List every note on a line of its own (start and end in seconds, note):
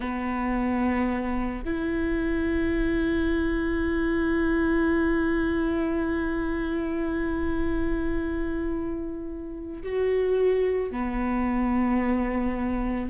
0.00 1.64 B3
1.64 9.82 E4
9.82 10.91 F#4
10.91 13.09 B3